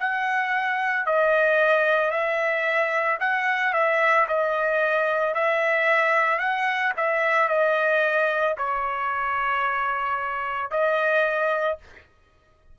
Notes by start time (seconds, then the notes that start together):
0.00 F#5
1.06 D#5
2.11 E5
3.20 F#5
3.74 E5
4.28 D#5
5.35 E5
6.39 F#5
6.97 E5
7.49 D#5
8.58 C#5
10.71 D#5